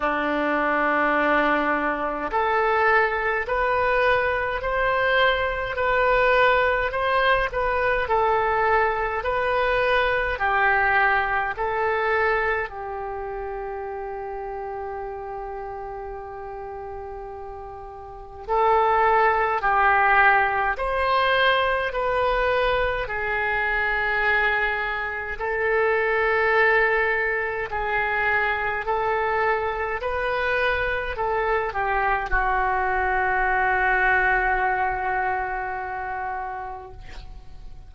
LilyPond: \new Staff \with { instrumentName = "oboe" } { \time 4/4 \tempo 4 = 52 d'2 a'4 b'4 | c''4 b'4 c''8 b'8 a'4 | b'4 g'4 a'4 g'4~ | g'1 |
a'4 g'4 c''4 b'4 | gis'2 a'2 | gis'4 a'4 b'4 a'8 g'8 | fis'1 | }